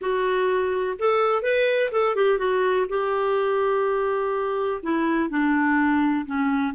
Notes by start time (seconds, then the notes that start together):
0.01 F#4
0.98 A4
1.42 B4
1.91 A4
2.15 G4
2.38 F#4
2.89 G4
4.82 E4
5.29 D4
6.25 C#4